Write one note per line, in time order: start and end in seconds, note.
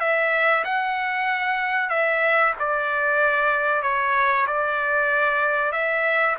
0.00 0.64 E5
0.64 1.89 F#5
1.89 2.53 E5
2.59 3.82 D5
3.82 4.46 C#5
4.47 5.72 D5
5.72 6.36 E5